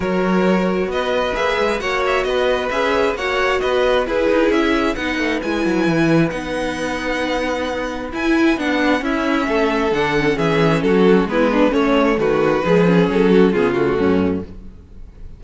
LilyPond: <<
  \new Staff \with { instrumentName = "violin" } { \time 4/4 \tempo 4 = 133 cis''2 dis''4 e''4 | fis''8 e''8 dis''4 e''4 fis''4 | dis''4 b'4 e''4 fis''4 | gis''2 fis''2~ |
fis''2 gis''4 fis''4 | e''2 fis''4 e''4 | a'4 b'4 cis''4 b'4~ | b'4 a'4 gis'8 fis'4. | }
  \new Staff \with { instrumentName = "violin" } { \time 4/4 ais'2 b'2 | cis''4 b'2 cis''4 | b'4 gis'2 b'4~ | b'1~ |
b'1 | e'4 a'2 gis'4 | fis'4 e'8 d'8 cis'4 fis'4 | gis'4. fis'8 f'4 cis'4 | }
  \new Staff \with { instrumentName = "viola" } { \time 4/4 fis'2. gis'4 | fis'2 gis'4 fis'4~ | fis'4 e'2 dis'4 | e'2 dis'2~ |
dis'2 e'4 d'4 | cis'2 d'8 cis'4.~ | cis'4 b4 a2 | gis8 cis'4. b8 a4. | }
  \new Staff \with { instrumentName = "cello" } { \time 4/4 fis2 b4 ais8 gis8 | ais4 b4 cis'4 ais4 | b4 e'8 dis'8 cis'4 b8 a8 | gis8 fis8 e4 b2~ |
b2 e'4 b4 | cis'4 a4 d4 e4 | fis4 gis4 a4 dis4 | f4 fis4 cis4 fis,4 | }
>>